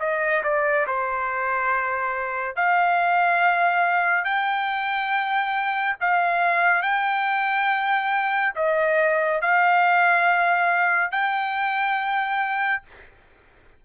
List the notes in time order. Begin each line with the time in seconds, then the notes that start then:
0.00 D#5
0.44 D5
0.87 C5
2.56 F5
4.25 G5
6.01 F5
6.83 G5
8.56 D#5
9.42 F5
11.12 G5